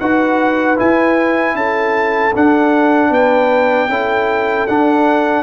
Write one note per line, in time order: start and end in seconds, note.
0.00 0.79 D#4
0.00 0.76 F#4
0.00 1.56 B4
0.00 0.78 F#5
0.76 2.32 E4
0.76 1.54 E4
0.76 1.56 G#5
1.54 2.32 C#4
1.54 3.11 A4
1.54 2.34 A5
2.35 3.90 D4
2.35 3.10 D4
2.35 3.13 F#5
3.10 3.88 B3
3.10 3.88 B4
3.10 4.67 G5
3.89 4.67 C#4
3.89 4.68 E4
3.89 5.43 A4
4.67 5.43 D4
4.67 5.43 F#5